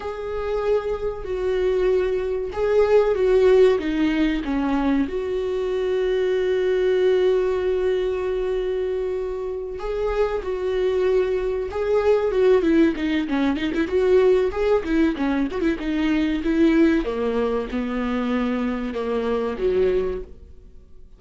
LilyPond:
\new Staff \with { instrumentName = "viola" } { \time 4/4 \tempo 4 = 95 gis'2 fis'2 | gis'4 fis'4 dis'4 cis'4 | fis'1~ | fis'2.~ fis'8 gis'8~ |
gis'8 fis'2 gis'4 fis'8 | e'8 dis'8 cis'8 dis'16 e'16 fis'4 gis'8 e'8 | cis'8 fis'16 e'16 dis'4 e'4 ais4 | b2 ais4 fis4 | }